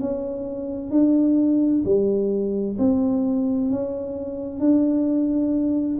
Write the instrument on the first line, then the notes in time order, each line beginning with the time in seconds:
tuba
0.00 C#4
0.91 D4
1.85 G3
2.78 C4
3.70 C#4
4.60 D4